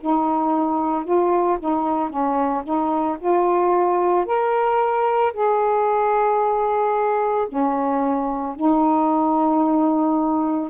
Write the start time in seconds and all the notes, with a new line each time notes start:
0.00 D#4
1.04 F4
1.59 D#4
2.09 C#4
2.63 D#4
3.19 F4
4.25 A#4
5.33 G#4
7.48 C#4
8.55 D#4